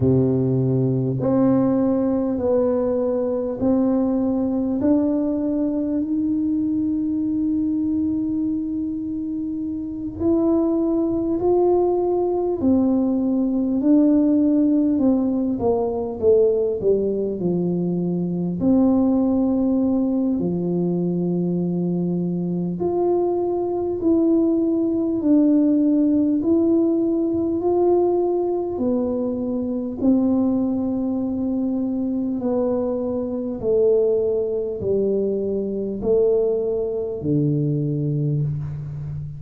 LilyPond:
\new Staff \with { instrumentName = "tuba" } { \time 4/4 \tempo 4 = 50 c4 c'4 b4 c'4 | d'4 dis'2.~ | dis'8 e'4 f'4 c'4 d'8~ | d'8 c'8 ais8 a8 g8 f4 c'8~ |
c'4 f2 f'4 | e'4 d'4 e'4 f'4 | b4 c'2 b4 | a4 g4 a4 d4 | }